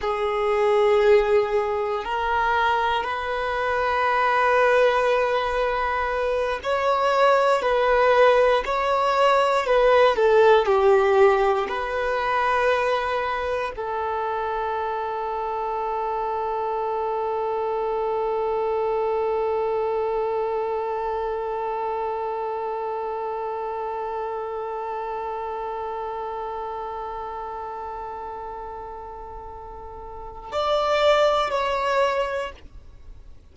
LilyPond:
\new Staff \with { instrumentName = "violin" } { \time 4/4 \tempo 4 = 59 gis'2 ais'4 b'4~ | b'2~ b'8 cis''4 b'8~ | b'8 cis''4 b'8 a'8 g'4 b'8~ | b'4. a'2~ a'8~ |
a'1~ | a'1~ | a'1~ | a'2 d''4 cis''4 | }